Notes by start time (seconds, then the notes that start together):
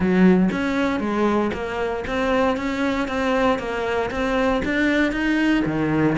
0.00 F#3
0.51 C#4
1.00 G#3
1.53 A#3
2.07 C4
2.56 C#4
3.07 C4
3.58 A#3
4.10 C4
4.64 D4
5.12 D#4
5.65 D#3